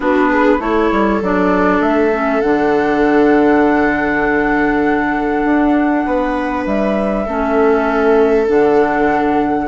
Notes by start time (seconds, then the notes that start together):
0.00 B3 D4 F#4 B4
0.29 G#4
0.59 A3 E4 A4 C#5
0.91 G3
1.21 F#3 D4 D5
1.80 A3 E5
2.12 C#4
2.41 D3 D4 F#5
5.44 D4
6.05 B3 B4
6.66 G3 E5
7.25 A3 C#4 A4
8.47 D3 D4 F#5